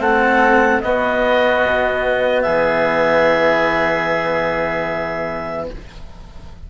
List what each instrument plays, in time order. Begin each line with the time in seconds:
0.00 bassoon A3, cello C4, oboe A4, clarinet F#5
0.81 cello B3, bassoon B3, oboe F#4, clarinet D#5
1.64 bassoon B2
2.42 bassoon E3, oboe G#4, clarinet E5